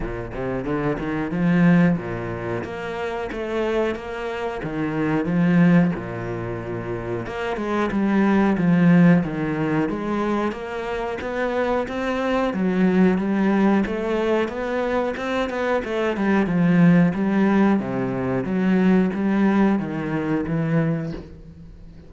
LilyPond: \new Staff \with { instrumentName = "cello" } { \time 4/4 \tempo 4 = 91 ais,8 c8 d8 dis8 f4 ais,4 | ais4 a4 ais4 dis4 | f4 ais,2 ais8 gis8 | g4 f4 dis4 gis4 |
ais4 b4 c'4 fis4 | g4 a4 b4 c'8 b8 | a8 g8 f4 g4 c4 | fis4 g4 dis4 e4 | }